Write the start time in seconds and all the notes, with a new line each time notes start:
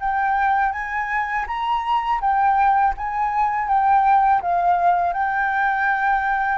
0.00 G5
0.72 G#5
1.47 A#5
2.21 G5
2.97 G#5
3.68 G5
4.41 F5
5.13 G5